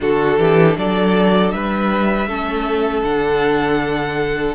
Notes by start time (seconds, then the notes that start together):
0.00 D3 D4 F#4 A4
0.38 E3 G4
0.77 F#3 A4 D5
1.50 G3 B4 E5
2.27 A3 C#4 A4
3.03 D3 D4 F#5